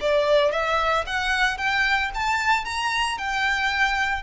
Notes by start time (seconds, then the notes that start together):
0.00 D5
0.51 E5
1.06 F#5
1.57 G5
2.14 A5
2.64 A#5
3.18 G5